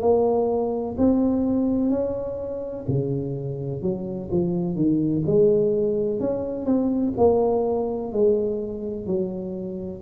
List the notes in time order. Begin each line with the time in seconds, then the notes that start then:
0.00 A#3
0.97 C4
1.90 C#4
2.87 C#3
3.82 F#3
4.31 F3
4.75 D#3
5.26 G#3
6.20 C#4
6.65 C4
7.17 A#3
8.12 G#3
9.06 F#3